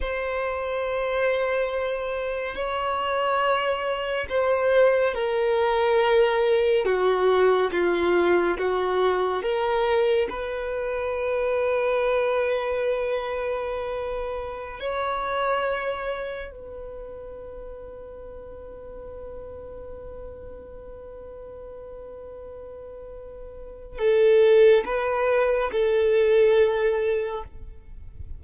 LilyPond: \new Staff \with { instrumentName = "violin" } { \time 4/4 \tempo 4 = 70 c''2. cis''4~ | cis''4 c''4 ais'2 | fis'4 f'4 fis'4 ais'4 | b'1~ |
b'4~ b'16 cis''2 b'8.~ | b'1~ | b'1 | a'4 b'4 a'2 | }